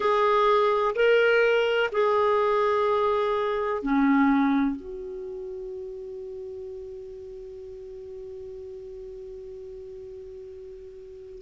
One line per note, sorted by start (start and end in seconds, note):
0.00 0.94 G#4
0.95 1.90 A#4
1.91 3.82 G#4
3.82 4.76 C#4
4.76 11.41 F#4